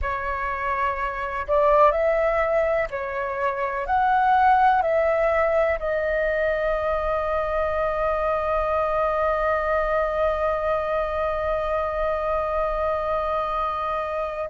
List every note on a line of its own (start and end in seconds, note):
0.01 1.46 C#5
1.47 1.91 D5
1.91 2.88 E5
2.90 3.86 C#5
3.86 4.82 F#5
4.82 5.78 E5
5.78 14.49 D#5